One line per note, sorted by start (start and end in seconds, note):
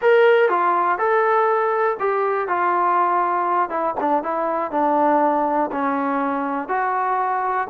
0.01 0.49 A#4
0.49 0.98 F4
0.98 1.97 A4
1.99 2.47 G4
2.47 3.69 F4
3.69 3.94 E4
4.00 4.23 D4
4.23 4.71 E4
4.71 5.70 D4
5.71 6.68 C#4
6.68 7.67 F#4